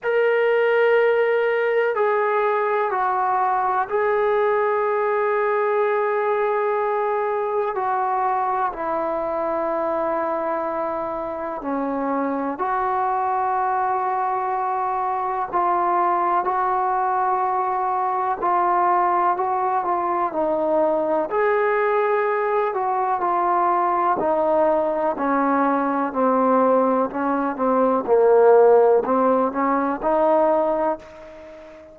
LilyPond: \new Staff \with { instrumentName = "trombone" } { \time 4/4 \tempo 4 = 62 ais'2 gis'4 fis'4 | gis'1 | fis'4 e'2. | cis'4 fis'2. |
f'4 fis'2 f'4 | fis'8 f'8 dis'4 gis'4. fis'8 | f'4 dis'4 cis'4 c'4 | cis'8 c'8 ais4 c'8 cis'8 dis'4 | }